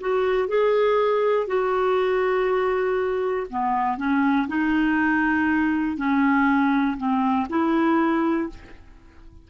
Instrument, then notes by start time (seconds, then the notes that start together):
clarinet
0.00 F#4
0.48 G#4
1.47 F#4
3.50 B3
3.97 C#4
4.48 D#4
5.96 C#4
6.97 C4
7.49 E4